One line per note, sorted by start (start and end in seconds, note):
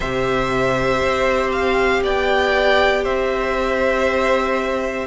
0.00 1.01 C3
0.00 5.06 G4
0.00 2.00 C5
0.00 1.50 E5
1.02 2.03 C4
1.52 2.03 F5
2.03 3.05 B3
2.03 3.03 D5
2.03 3.04 G5
3.03 5.06 C4
3.03 5.06 C5
3.03 5.06 E5